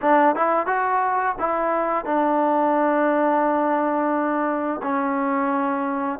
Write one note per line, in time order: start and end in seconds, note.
0.01 0.35 D4
0.35 0.66 E4
0.66 1.35 F#4
1.39 2.05 E4
2.05 4.81 D4
4.82 6.19 C#4